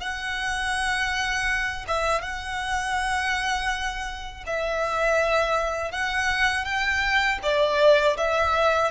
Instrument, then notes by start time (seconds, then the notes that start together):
violin
0.00 F#5
1.88 E5
2.22 F#5
4.46 E5
5.92 F#5
6.65 G5
7.43 D5
8.17 E5